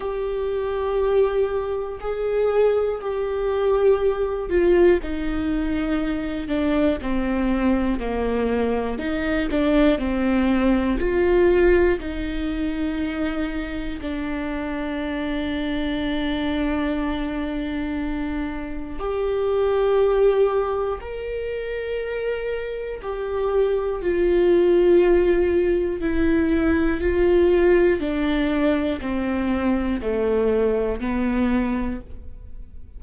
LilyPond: \new Staff \with { instrumentName = "viola" } { \time 4/4 \tempo 4 = 60 g'2 gis'4 g'4~ | g'8 f'8 dis'4. d'8 c'4 | ais4 dis'8 d'8 c'4 f'4 | dis'2 d'2~ |
d'2. g'4~ | g'4 ais'2 g'4 | f'2 e'4 f'4 | d'4 c'4 a4 b4 | }